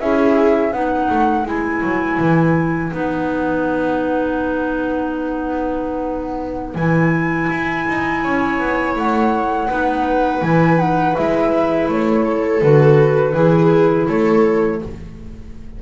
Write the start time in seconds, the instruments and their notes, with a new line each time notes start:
0.00 double bass C#4, clarinet E4, viola G#4, flute E5
0.72 double bass B3, clarinet D#4, viola B4, flute F#5
1.10 double bass A3
1.45 double bass G#3, clarinet E4, flute G#5
1.82 double bass F#3
2.19 double bass E3
2.91 double bass B3, clarinet D#4, flute F#5
6.75 double bass E3, clarinet E4, flute G#5
7.51 double bass E4
7.89 double bass D#4
8.24 double bass C#4, viola C#5
8.59 double bass B3
8.96 double bass A3, flute F#5
9.68 double bass B3, clarinet D#4, viola B4
10.42 double bass E3, clarinet E4, flute G#5
10.77 clarinet D#4, flute F#5
11.15 double bass G#3, clarinet E4, flute E5
11.89 double bass A3, flute C#5
12.25 viola A4
12.62 double bass D3, clarinet F#4, flute B4
13.34 double bass E3, clarinet E4, viola G#4
14.08 double bass A3, viola A4, flute C#5